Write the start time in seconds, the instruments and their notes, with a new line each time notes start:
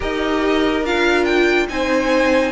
0.00 cello D#4, viola G4, violin A#4 D#5
0.83 cello D4, viola F4, violin F5
1.24 violin G5
1.68 cello C4, viola D#4, violin C5 G#5